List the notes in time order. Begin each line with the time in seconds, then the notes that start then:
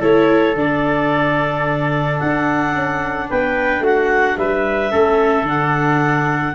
0.00 A3 E4 A4 C#5
0.55 D3 D4 D5
2.19 D4 F#5
2.74 C#4
3.29 B3 B4 G5
3.79 A3 F#4 F#5
4.37 G3 B4 E5
4.91 A3 C#4 A4
5.42 D3 D4 F#5